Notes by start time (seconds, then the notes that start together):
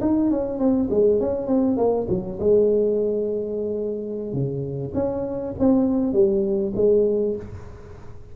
0.00 D#4
0.30 C#4
0.59 C4
0.90 G#3
1.20 C#4
1.47 C4
1.77 A#3
2.09 F#3
2.39 G#3
4.33 C#3
4.94 C#4
5.59 C4
6.13 G3
6.75 G#3